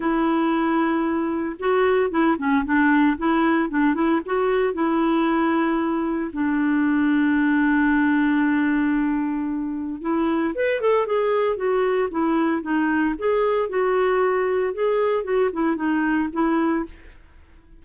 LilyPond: \new Staff \with { instrumentName = "clarinet" } { \time 4/4 \tempo 4 = 114 e'2. fis'4 | e'8 cis'8 d'4 e'4 d'8 e'8 | fis'4 e'2. | d'1~ |
d'2. e'4 | b'8 a'8 gis'4 fis'4 e'4 | dis'4 gis'4 fis'2 | gis'4 fis'8 e'8 dis'4 e'4 | }